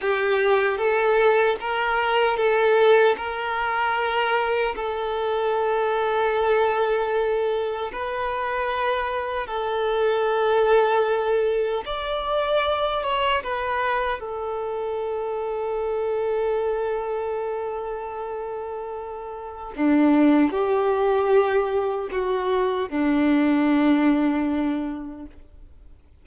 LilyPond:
\new Staff \with { instrumentName = "violin" } { \time 4/4 \tempo 4 = 76 g'4 a'4 ais'4 a'4 | ais'2 a'2~ | a'2 b'2 | a'2. d''4~ |
d''8 cis''8 b'4 a'2~ | a'1~ | a'4 d'4 g'2 | fis'4 d'2. | }